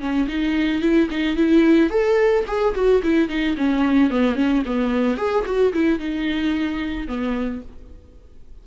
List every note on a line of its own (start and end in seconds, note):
0.00 0.27 C#4
0.28 0.81 D#4
0.81 1.09 E4
1.10 1.36 D#4
1.36 1.90 E4
1.90 2.44 A4
2.47 2.74 G#4
2.74 3.02 F#4
3.03 3.29 E4
3.29 3.56 D#4
3.57 4.10 C#4
4.10 4.35 B3
4.35 4.62 C#4
4.65 5.17 B3
5.17 5.44 G#4
5.45 5.72 F#4
5.73 5.99 E4
5.99 7.07 D#4
7.07 7.62 B3